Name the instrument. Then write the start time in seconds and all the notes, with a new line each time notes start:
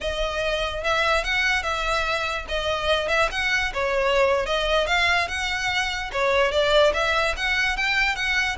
violin
0.00 D#5
0.83 E5
1.23 F#5
1.63 E5
2.48 D#5
3.08 E5
3.31 F#5
3.73 C#5
4.46 D#5
4.86 F5
5.28 F#5
6.12 C#5
6.51 D5
6.93 E5
7.36 F#5
7.76 G5
8.15 F#5